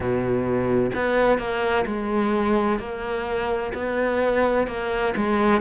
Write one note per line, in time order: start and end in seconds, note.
0.00 0.90 B2
0.95 1.38 B3
1.38 1.85 A#3
1.85 2.79 G#3
2.79 3.72 A#3
3.74 4.67 B3
4.67 5.13 A#3
5.16 5.61 G#3